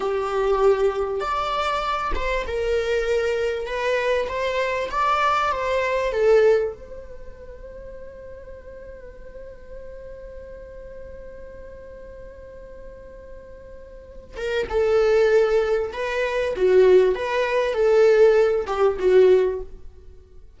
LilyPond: \new Staff \with { instrumentName = "viola" } { \time 4/4 \tempo 4 = 98 g'2 d''4. c''8 | ais'2 b'4 c''4 | d''4 c''4 a'4 c''4~ | c''1~ |
c''1~ | c''2.~ c''8 ais'8 | a'2 b'4 fis'4 | b'4 a'4. g'8 fis'4 | }